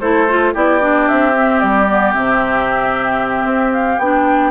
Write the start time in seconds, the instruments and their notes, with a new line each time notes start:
0.00 bassoon A3, clarinet E4, oboe A4, flute C5
0.28 clarinet F4
0.54 bassoon B3, clarinet E4, oboe G4, flute D5
0.80 clarinet D4
1.08 bassoon C4, flute E5
1.34 clarinet C4
1.60 bassoon G3, flute D5
1.89 clarinet B3
2.13 bassoon C3, clarinet C4, flute E5
3.44 bassoon C4
3.72 flute F5
3.98 bassoon B3, clarinet D4, flute G5